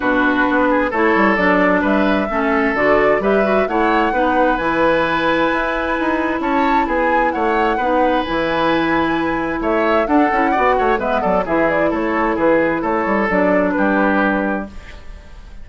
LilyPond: <<
  \new Staff \with { instrumentName = "flute" } { \time 4/4 \tempo 4 = 131 b'2 cis''4 d''4 | e''2 d''4 e''4 | fis''2 gis''2~ | gis''2 a''4 gis''4 |
fis''2 gis''2~ | gis''4 e''4 fis''2 | e''8 d''8 e''8 d''8 cis''4 b'4 | cis''4 d''4 b'2 | }
  \new Staff \with { instrumentName = "oboe" } { \time 4/4 fis'4. gis'8 a'2 | b'4 a'2 b'4 | cis''4 b'2.~ | b'2 cis''4 gis'4 |
cis''4 b'2.~ | b'4 cis''4 a'4 d''8 cis''8 | b'8 a'8 gis'4 a'4 gis'4 | a'2 g'2 | }
  \new Staff \with { instrumentName = "clarinet" } { \time 4/4 d'2 e'4 d'4~ | d'4 cis'4 fis'4 g'8 fis'8 | e'4 dis'4 e'2~ | e'1~ |
e'4 dis'4 e'2~ | e'2 d'8 e'8 fis'4 | b4 e'2.~ | e'4 d'2. | }
  \new Staff \with { instrumentName = "bassoon" } { \time 4/4 b,4 b4 a8 g8 fis4 | g4 a4 d4 g4 | a4 b4 e2 | e'4 dis'4 cis'4 b4 |
a4 b4 e2~ | e4 a4 d'8 cis'8 b8 a8 | gis8 fis8 e4 a4 e4 | a8 g8 fis4 g2 | }
>>